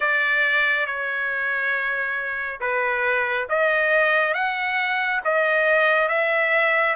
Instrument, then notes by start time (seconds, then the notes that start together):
trumpet
0.00 D5
0.86 C#5
2.60 B4
3.49 D#5
4.34 F#5
5.24 D#5
6.08 E5